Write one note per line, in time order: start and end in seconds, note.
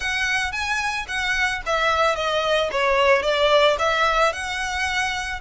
0.00 0.52 F#5
0.52 1.06 G#5
1.08 1.62 F#5
1.65 2.15 E5
2.15 2.69 D#5
2.71 3.22 C#5
3.22 3.76 D5
3.78 4.32 E5
4.32 5.41 F#5